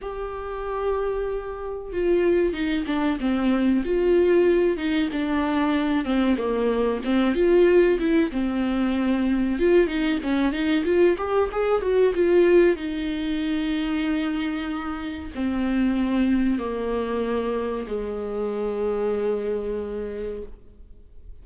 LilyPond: \new Staff \with { instrumentName = "viola" } { \time 4/4 \tempo 4 = 94 g'2. f'4 | dis'8 d'8 c'4 f'4. dis'8 | d'4. c'8 ais4 c'8 f'8~ | f'8 e'8 c'2 f'8 dis'8 |
cis'8 dis'8 f'8 g'8 gis'8 fis'8 f'4 | dis'1 | c'2 ais2 | gis1 | }